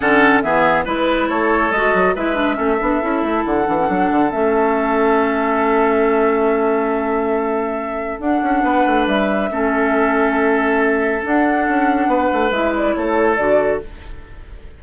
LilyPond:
<<
  \new Staff \with { instrumentName = "flute" } { \time 4/4 \tempo 4 = 139 fis''4 e''4 b'4 cis''4 | dis''4 e''2. | fis''2 e''2~ | e''1~ |
e''2. fis''4~ | fis''4 e''2.~ | e''2 fis''2~ | fis''4 e''8 d''8 cis''4 d''4 | }
  \new Staff \with { instrumentName = "oboe" } { \time 4/4 a'4 gis'4 b'4 a'4~ | a'4 b'4 a'2~ | a'1~ | a'1~ |
a'1 | b'2 a'2~ | a'1 | b'2 a'2 | }
  \new Staff \with { instrumentName = "clarinet" } { \time 4/4 cis'4 b4 e'2 | fis'4 e'8 d'8 cis'8 d'8 e'4~ | e'8 d'16 cis'16 d'4 cis'2~ | cis'1~ |
cis'2. d'4~ | d'2 cis'2~ | cis'2 d'2~ | d'4 e'2 fis'4 | }
  \new Staff \with { instrumentName = "bassoon" } { \time 4/4 d4 e4 gis4 a4 | gis8 fis8 gis4 a8 b8 cis'8 a8 | d8 e8 fis8 d8 a2~ | a1~ |
a2. d'8 cis'8 | b8 a8 g4 a2~ | a2 d'4 cis'4 | b8 a8 gis4 a4 d4 | }
>>